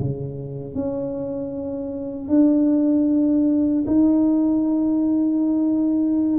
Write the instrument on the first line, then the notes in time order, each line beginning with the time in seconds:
tuba
0.00 C#3
0.75 C#4
2.29 D4
3.87 D#4